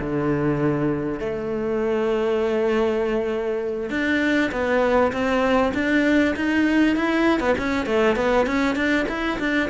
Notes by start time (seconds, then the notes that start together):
0.00 D3
1.20 A3
3.90 D4
4.52 B3
5.12 C4
5.74 D4
6.36 D#4
6.96 E4
7.40 B3
7.58 C#4
7.86 A3
8.16 B3
8.46 C#4
8.75 D4
9.08 E4
9.39 D4